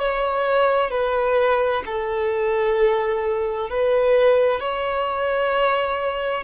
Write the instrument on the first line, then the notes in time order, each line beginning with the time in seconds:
violin
0.00 C#5
0.91 B4
1.86 A4
3.70 B4
4.61 C#5